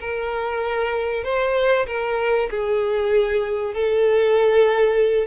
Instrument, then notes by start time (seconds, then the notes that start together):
violin
0.00 A#4
1.24 C5
1.86 A#4
2.50 G#4
3.74 A4